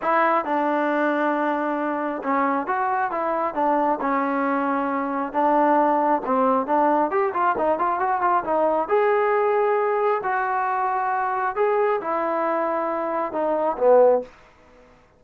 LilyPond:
\new Staff \with { instrumentName = "trombone" } { \time 4/4 \tempo 4 = 135 e'4 d'2.~ | d'4 cis'4 fis'4 e'4 | d'4 cis'2. | d'2 c'4 d'4 |
g'8 f'8 dis'8 f'8 fis'8 f'8 dis'4 | gis'2. fis'4~ | fis'2 gis'4 e'4~ | e'2 dis'4 b4 | }